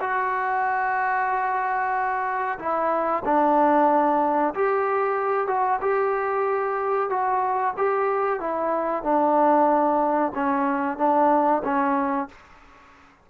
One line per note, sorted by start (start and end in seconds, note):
0.00 2.58 F#4
2.58 3.23 E4
3.25 4.54 D4
4.54 5.47 G4
5.47 5.79 F#4
5.81 7.09 G4
7.09 7.74 F#4
7.77 8.40 G4
8.40 9.03 E4
9.03 10.32 D4
10.35 10.98 C#4
10.98 11.62 D4
11.64 12.28 C#4